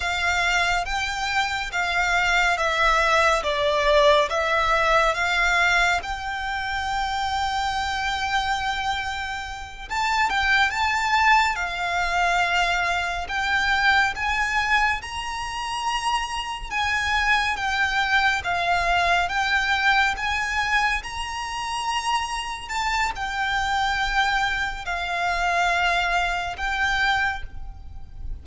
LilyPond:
\new Staff \with { instrumentName = "violin" } { \time 4/4 \tempo 4 = 70 f''4 g''4 f''4 e''4 | d''4 e''4 f''4 g''4~ | g''2.~ g''8 a''8 | g''8 a''4 f''2 g''8~ |
g''8 gis''4 ais''2 gis''8~ | gis''8 g''4 f''4 g''4 gis''8~ | gis''8 ais''2 a''8 g''4~ | g''4 f''2 g''4 | }